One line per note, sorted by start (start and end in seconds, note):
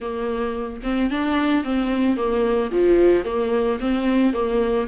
0.00 0.81 A#3
0.83 1.10 C4
1.10 1.64 D4
1.64 2.16 C4
2.16 2.71 A#3
2.71 3.25 F3
3.25 3.79 A#3
3.80 4.33 C4
4.33 4.87 A#3